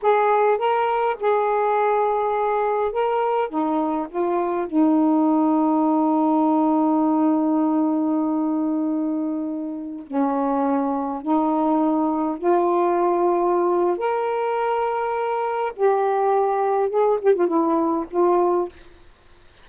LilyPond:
\new Staff \with { instrumentName = "saxophone" } { \time 4/4 \tempo 4 = 103 gis'4 ais'4 gis'2~ | gis'4 ais'4 dis'4 f'4 | dis'1~ | dis'1~ |
dis'4~ dis'16 cis'2 dis'8.~ | dis'4~ dis'16 f'2~ f'8. | ais'2. g'4~ | g'4 gis'8 g'16 f'16 e'4 f'4 | }